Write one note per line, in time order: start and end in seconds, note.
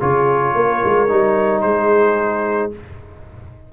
0.00 0.55 C#3
0.00 1.08 F4
0.00 0.55 G#4
0.00 1.61 C#5
0.55 0.82 A#3
0.55 1.64 A#4
0.85 1.11 G#3
1.08 1.63 G3
1.08 2.72 D#4
1.61 2.72 G#3
1.61 2.73 G#4
1.61 2.70 C5